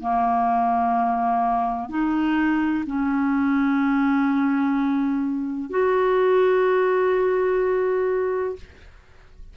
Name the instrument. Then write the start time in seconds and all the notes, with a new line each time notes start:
clarinet
0.00 A#3
1.90 D#4
2.87 C#4
5.70 F#4